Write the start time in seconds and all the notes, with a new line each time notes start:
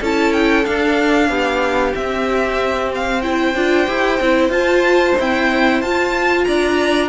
0.00 C#4 E4 A4 A5
0.33 G5
0.64 D4 F5
1.29 B3 G4
1.92 C4 E5
2.94 F5
3.22 E4 C5 G5
3.55 D4 F4
3.87 E4 G4
4.20 C4 E4
4.49 F4 A5
5.19 C4 E4 G5
5.81 F4 A5
6.44 D4 D5 A#5